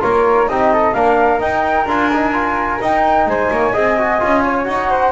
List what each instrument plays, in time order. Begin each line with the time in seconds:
0.00 double bass A#3, trombone F4, flute A#4 C#5
0.48 double bass C4, trombone D#4, flute G4 D#5
0.73 flute A4
0.94 double bass A#3, trombone D4, flute A#4 F5
1.39 trombone D#4, double bass D#4, flute G5
1.86 double bass D4, trombone F4, flute G#5
2.12 trombone D#4
2.33 trombone F4
2.81 trombone D#4, double bass D#4, flute G5
3.26 double bass G#3, flute C5 G#5
3.51 double bass A#3, flute C#5
3.73 double bass C4, trombone G#4, flute D#5
3.98 trombone F#4
4.20 double bass C#4, trombone F4
4.44 flute C#5
4.64 double bass D#4, trombone F#4, flute F#5
4.91 flute C5